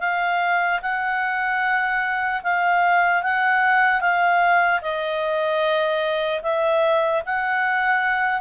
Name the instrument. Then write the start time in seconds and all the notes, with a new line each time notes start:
clarinet
0.00 F5
0.82 F#5
2.43 F5
3.23 F#5
4.01 F5
4.81 D#5
6.42 E5
7.25 F#5